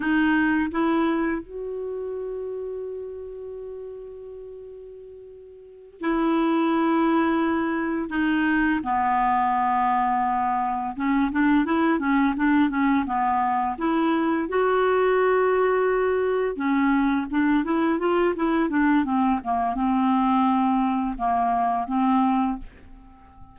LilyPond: \new Staff \with { instrumentName = "clarinet" } { \time 4/4 \tempo 4 = 85 dis'4 e'4 fis'2~ | fis'1~ | fis'8 e'2. dis'8~ | dis'8 b2. cis'8 |
d'8 e'8 cis'8 d'8 cis'8 b4 e'8~ | e'8 fis'2. cis'8~ | cis'8 d'8 e'8 f'8 e'8 d'8 c'8 ais8 | c'2 ais4 c'4 | }